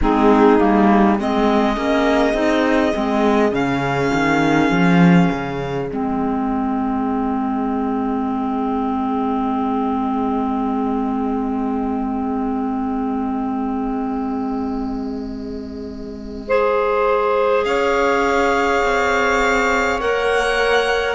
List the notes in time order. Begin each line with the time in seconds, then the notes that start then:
0.01 G#3 C4 D#4 G#4
0.58 G3 A#3
1.19 G#3 C4 G#4 D#5
1.75 A#3 C#4
2.33 C4 D#4
2.92 G#3 C4
3.51 C#3 C#4 F5
4.13 D#3
4.70 F3
5.31 C#3
5.89 G#3 C4 D#5
16.48 G#4 C5
17.64 C#4 C#5 F5
18.83 C4
20.00 A#3 A#4 F#5